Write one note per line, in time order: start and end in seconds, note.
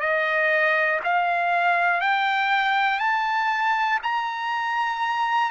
0.00 1.00 D#5
1.04 2.00 F5
2.00 2.99 G5
2.99 3.99 A5
4.03 5.50 A#5